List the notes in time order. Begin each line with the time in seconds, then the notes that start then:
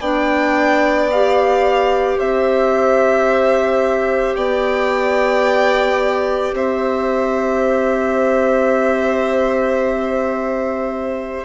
0.00 B3 D4 D5 G5
1.12 G4 F5
2.18 C4 C5 E5
4.35 B3 D5 G5
6.52 C4 C5 E5